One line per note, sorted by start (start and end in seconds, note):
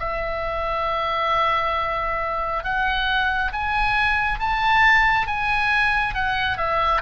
0.00 2.64 E5
2.64 3.52 F#5
3.53 4.40 G#5
4.40 5.27 A5
5.27 6.15 G#5
6.15 6.58 F#5
6.58 7.02 E5